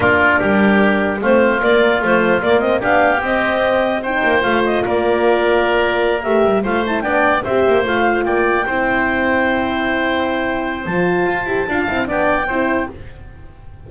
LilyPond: <<
  \new Staff \with { instrumentName = "clarinet" } { \time 4/4 \tempo 4 = 149 ais'2. c''4 | d''4 c''4 d''8 dis''8 f''4 | dis''2 g''4 f''8 dis''8 | d''2.~ d''8 e''8~ |
e''8 f''8 a''8 g''4 e''4 f''8~ | f''8 g''2.~ g''8~ | g''2. a''4~ | a''2 g''2 | }
  \new Staff \with { instrumentName = "oboe" } { \time 4/4 f'4 g'2 f'4~ | f'2. g'4~ | g'2 c''2 | ais'1~ |
ais'8 c''4 d''4 c''4.~ | c''8 d''4 c''2~ c''8~ | c''1~ | c''4 f''4 d''4 c''4 | }
  \new Staff \with { instrumentName = "horn" } { \time 4/4 d'2. c'4 | ais4 f4 ais8 c'8 d'4 | c'2 dis'4 f'4~ | f'2.~ f'8 g'8~ |
g'8 f'8 e'8 d'4 g'4 f'8~ | f'4. e'2~ e'8~ | e'2. f'4~ | f'8 g'8 f'8 e'8 d'4 e'4 | }
  \new Staff \with { instrumentName = "double bass" } { \time 4/4 ais4 g2 a4 | ais4 a4 ais4 b4 | c'2~ c'8 ais8 a4 | ais2.~ ais8 a8 |
g8 a4 b4 c'8 ais8 a8~ | a8 ais4 c'2~ c'8~ | c'2. f4 | f'8 e'8 d'8 c'8 b4 c'4 | }
>>